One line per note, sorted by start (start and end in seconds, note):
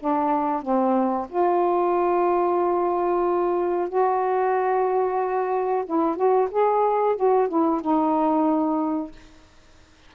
0.00 0.62 D4
0.62 1.27 C4
1.30 3.89 F4
3.89 5.85 F#4
5.86 6.17 E4
6.17 6.49 F#4
6.51 7.16 G#4
7.17 7.49 F#4
7.49 7.82 E4
7.82 9.12 D#4